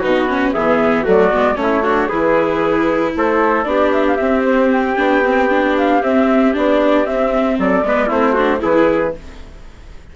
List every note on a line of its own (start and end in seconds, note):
0.00 0.55 B2
0.00 0.29 D#4
0.00 0.52 F#4
0.00 0.54 B4
0.29 0.55 C#4
0.53 1.07 E3
0.53 1.05 B3
0.53 1.03 G#4
0.53 1.06 E5
1.03 1.33 F#3
1.03 1.31 A3
1.03 1.56 F#4
1.03 1.57 D5
1.32 1.57 G#3
1.32 1.55 B3
1.55 2.09 A3
1.55 1.82 C#4
1.55 2.09 C#5
1.63 1.84 E4
1.84 2.11 D4
1.84 2.08 F#4
2.08 3.16 E3
2.08 3.65 E4
2.08 3.12 G#4
2.08 3.13 B4
3.16 3.66 A3
3.16 3.70 A4
3.16 3.64 C5
3.64 4.18 B3
3.64 4.17 D4
3.64 7.60 G4
3.64 3.91 D5
3.93 4.06 E5
4.08 4.16 F5
4.16 4.97 C4
4.16 4.42 E5
4.22 4.98 C4
4.45 4.71 C5
4.72 5.76 G5
4.97 6.02 B3
4.97 5.23 D4
5.25 5.50 C4
5.50 6.02 D4
5.78 6.03 F5
6.03 6.55 C4
6.03 6.54 C4
6.03 6.55 E5
6.54 7.07 B3
6.54 7.05 D4
6.54 7.07 D5
7.05 7.84 C4
7.05 7.59 C4
7.05 7.59 E5
7.59 7.83 F#3
7.59 7.86 A4
7.59 8.11 D5
7.83 8.09 G#3
7.83 8.11 B3
7.83 8.08 B4
8.08 8.62 A3
8.08 8.37 C4
8.08 8.34 E4
8.08 8.63 C5
8.34 8.60 D4
8.34 8.60 F#4
8.60 9.16 E3
8.60 9.13 E4
8.60 9.14 G#4
8.60 9.16 B4